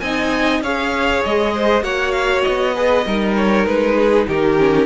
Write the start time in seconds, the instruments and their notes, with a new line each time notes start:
0.00 cello C4, viola D#4, violin D#5 G#5
0.61 cello C#4, viola G#4, violin C#5 F5
1.24 cello G#3, violin D#5
1.54 violin C5
1.82 cello A#3, viola F#4, violin C#5 F#5
2.11 violin F5
2.42 cello B3, violin D#5
2.74 viola G#4, violin B4
3.06 cello G3, viola D#4, violin A#4
3.36 violin C#5
3.66 cello G#3, violin B4
3.96 violin G#4
4.28 cello D#3, violin G4 A#4
4.58 viola C#4